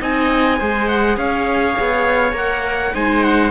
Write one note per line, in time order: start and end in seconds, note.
0.00 0.60 C4
0.00 0.59 D#4
0.00 0.58 D#5
0.00 0.88 G#5
0.58 1.17 G#3
0.58 2.33 G#4
0.58 1.17 C5
0.88 1.17 F#5
1.17 1.76 C#4
1.17 2.95 C#5
1.17 2.35 F5
1.80 2.33 B3
2.33 2.92 A#3
2.33 2.92 A#4
2.33 2.95 F#5
2.94 3.51 G#3
2.94 3.51 D#4
2.94 3.51 C5
2.94 3.24 G#5
3.24 3.51 F#5